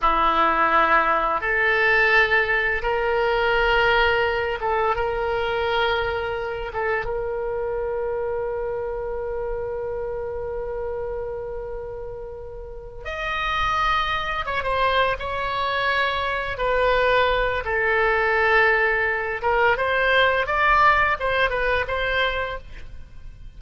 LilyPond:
\new Staff \with { instrumentName = "oboe" } { \time 4/4 \tempo 4 = 85 e'2 a'2 | ais'2~ ais'8 a'8 ais'4~ | ais'4. a'8 ais'2~ | ais'1~ |
ais'2~ ais'8 dis''4.~ | dis''8 cis''16 c''8. cis''2 b'8~ | b'4 a'2~ a'8 ais'8 | c''4 d''4 c''8 b'8 c''4 | }